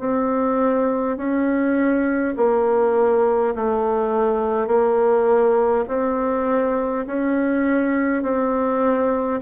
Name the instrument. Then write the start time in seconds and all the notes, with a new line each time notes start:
bassoon
0.00 C4
1.18 C#4
2.37 A#3
3.56 A3
4.67 A#3
5.89 C4
7.07 C#4
8.23 C4